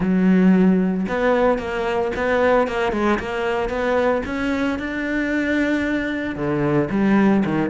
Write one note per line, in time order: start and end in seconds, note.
0.00 1.06 F#3
1.08 1.58 B3
1.58 2.11 A#3
2.16 2.67 B3
2.67 2.92 A#3
2.92 3.18 G#3
3.19 3.69 A#3
3.69 4.22 B3
4.25 4.78 C#4
4.78 6.35 D4
6.35 6.89 D3
6.90 7.43 G3
7.44 7.70 D#3